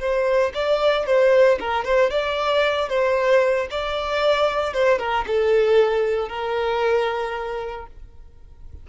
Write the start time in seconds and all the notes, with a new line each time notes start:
0.00 C5
0.54 D5
1.06 C5
1.60 A#4
1.84 C5
2.11 D5
2.89 C5
3.71 D5
4.74 C5
4.99 A#4
5.27 A4
6.29 A#4